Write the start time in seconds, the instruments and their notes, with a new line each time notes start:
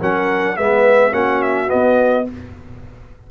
0.00 tuba F#3, trombone C#4, horn A#4, trumpet F#5
0.57 tuba G#3, trombone B3, horn B4, trumpet E5
1.11 tuba A#3, trombone C#4, horn F#4, trumpet F#5
1.42 trumpet E5
1.67 trombone B3, trumpet D#5
1.73 tuba B3